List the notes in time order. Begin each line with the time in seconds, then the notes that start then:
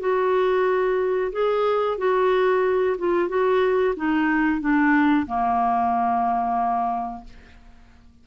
0.00 F#4
1.32 G#4
1.98 F#4
2.99 F4
3.29 F#4
3.97 D#4
4.61 D4
5.27 A#3